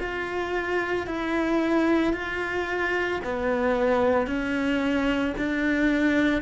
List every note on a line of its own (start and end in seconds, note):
0.00 1.07 F4
1.07 2.14 E4
2.14 3.21 F4
3.25 4.27 B3
4.27 5.34 C#4
5.38 6.42 D4